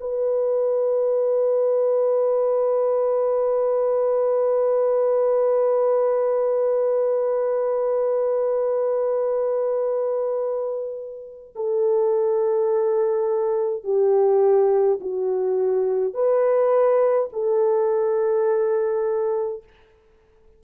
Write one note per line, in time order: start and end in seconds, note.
0.00 11.54 B4
11.55 13.84 A4
13.84 14.99 G4
15.01 16.13 F#4
16.13 17.29 B4
17.32 19.63 A4